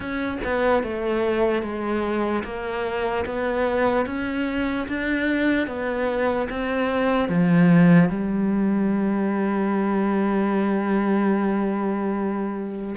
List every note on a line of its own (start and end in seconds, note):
0.00 0.38 C#4
0.43 0.83 B3
0.83 1.62 A3
1.62 2.43 G#3
2.44 3.25 A#3
3.25 4.05 B3
4.05 4.86 C#4
4.88 5.67 D4
5.67 6.48 B3
6.49 7.29 C4
7.29 8.09 F3
8.09 12.95 G3